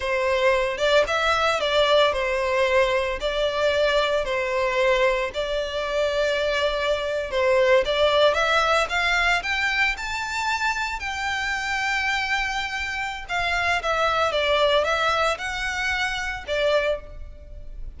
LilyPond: \new Staff \with { instrumentName = "violin" } { \time 4/4 \tempo 4 = 113 c''4. d''8 e''4 d''4 | c''2 d''2 | c''2 d''2~ | d''4.~ d''16 c''4 d''4 e''16~ |
e''8. f''4 g''4 a''4~ a''16~ | a''8. g''2.~ g''16~ | g''4 f''4 e''4 d''4 | e''4 fis''2 d''4 | }